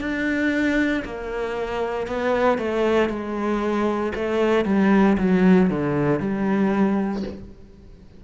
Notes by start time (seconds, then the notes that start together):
0.00 D4
1.05 A#3
2.07 B3
2.58 A3
3.09 G#3
4.15 A3
4.65 G3
5.18 F#3
5.70 D3
6.20 G3